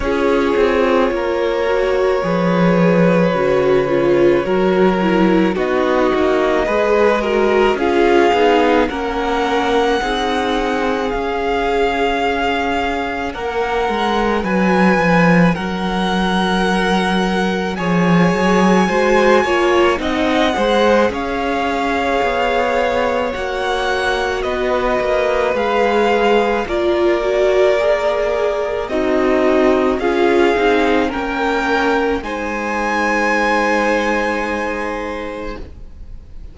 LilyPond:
<<
  \new Staff \with { instrumentName = "violin" } { \time 4/4 \tempo 4 = 54 cis''1~ | cis''4 dis''2 f''4 | fis''2 f''2 | fis''4 gis''4 fis''2 |
gis''2 fis''4 f''4~ | f''4 fis''4 dis''4 f''4 | d''2 dis''4 f''4 | g''4 gis''2. | }
  \new Staff \with { instrumentName = "violin" } { \time 4/4 gis'4 ais'4 b'2 | ais'4 fis'4 b'8 ais'8 gis'4 | ais'4 gis'2. | ais'4 b'4 ais'2 |
cis''4 c''8 cis''8 dis''8 c''8 cis''4~ | cis''2 b'2 | ais'2 dis'4 gis'4 | ais'4 c''2. | }
  \new Staff \with { instrumentName = "viola" } { \time 4/4 f'4. fis'8 gis'4 fis'8 f'8 | fis'8 e'8 dis'4 gis'8 fis'8 f'8 dis'8 | cis'4 dis'4 cis'2~ | cis'1 |
gis'4 fis'8 f'8 dis'8 gis'4.~ | gis'4 fis'2 gis'4 | f'8 fis'8 gis'4 fis'4 f'8 dis'8 | cis'4 dis'2. | }
  \new Staff \with { instrumentName = "cello" } { \time 4/4 cis'8 c'8 ais4 f4 cis4 | fis4 b8 ais8 gis4 cis'8 b8 | ais4 c'4 cis'2 | ais8 gis8 fis8 f8 fis2 |
f8 fis8 gis8 ais8 c'8 gis8 cis'4 | b4 ais4 b8 ais8 gis4 | ais2 c'4 cis'8 c'8 | ais4 gis2. | }
>>